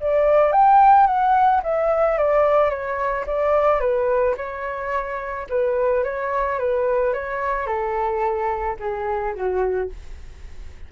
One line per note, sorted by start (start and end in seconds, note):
0.00 0.52 D5
0.52 1.06 G5
1.06 1.61 F#5
1.63 2.18 E5
2.18 2.70 D5
2.70 3.25 C#5
3.27 3.80 D5
3.80 4.35 B4
4.37 5.47 C#5
5.49 6.04 B4
6.04 6.59 C#5
6.59 7.13 B4
7.13 7.67 C#5
7.67 8.77 A4
8.79 9.34 G#4
9.35 9.90 F#4